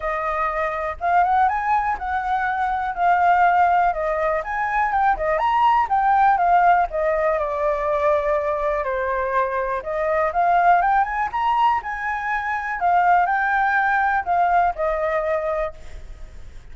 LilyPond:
\new Staff \with { instrumentName = "flute" } { \time 4/4 \tempo 4 = 122 dis''2 f''8 fis''8 gis''4 | fis''2 f''2 | dis''4 gis''4 g''8 dis''8 ais''4 | g''4 f''4 dis''4 d''4~ |
d''2 c''2 | dis''4 f''4 g''8 gis''8 ais''4 | gis''2 f''4 g''4~ | g''4 f''4 dis''2 | }